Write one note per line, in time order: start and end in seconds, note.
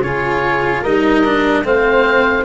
0.00 0.81 C#3
0.00 0.84 F4
0.00 0.81 G#4
0.00 0.83 C#5
0.81 1.64 G3
0.81 1.24 D#4
0.81 1.62 A#4
0.81 1.64 D#5
1.24 1.64 D4
1.64 2.44 A3
1.64 2.44 C4
1.64 2.44 C5
1.64 2.44 F5